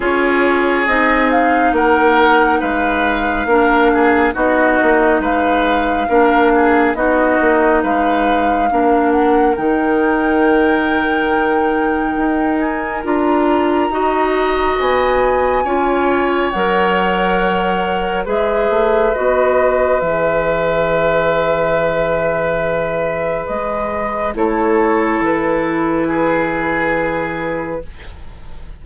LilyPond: <<
  \new Staff \with { instrumentName = "flute" } { \time 4/4 \tempo 4 = 69 cis''4 dis''8 f''8 fis''4 f''4~ | f''4 dis''4 f''2 | dis''4 f''4. fis''8 g''4~ | g''2~ g''8 gis''8 ais''4~ |
ais''4 gis''2 fis''4~ | fis''4 e''4 dis''4 e''4~ | e''2. dis''4 | cis''4 b'2. | }
  \new Staff \with { instrumentName = "oboe" } { \time 4/4 gis'2 ais'4 b'4 | ais'8 gis'8 fis'4 b'4 ais'8 gis'8 | fis'4 b'4 ais'2~ | ais'1 |
dis''2 cis''2~ | cis''4 b'2.~ | b'1 | a'2 gis'2 | }
  \new Staff \with { instrumentName = "clarinet" } { \time 4/4 f'4 dis'2. | d'4 dis'2 d'4 | dis'2 d'4 dis'4~ | dis'2. f'4 |
fis'2 f'4 ais'4~ | ais'4 gis'4 fis'4 gis'4~ | gis'1 | e'1 | }
  \new Staff \with { instrumentName = "bassoon" } { \time 4/4 cis'4 c'4 ais4 gis4 | ais4 b8 ais8 gis4 ais4 | b8 ais8 gis4 ais4 dis4~ | dis2 dis'4 d'4 |
dis'4 b4 cis'4 fis4~ | fis4 gis8 a8 b4 e4~ | e2. gis4 | a4 e2. | }
>>